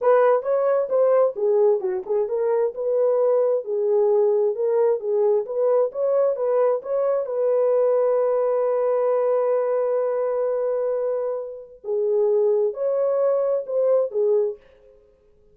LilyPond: \new Staff \with { instrumentName = "horn" } { \time 4/4 \tempo 4 = 132 b'4 cis''4 c''4 gis'4 | fis'8 gis'8 ais'4 b'2 | gis'2 ais'4 gis'4 | b'4 cis''4 b'4 cis''4 |
b'1~ | b'1~ | b'2 gis'2 | cis''2 c''4 gis'4 | }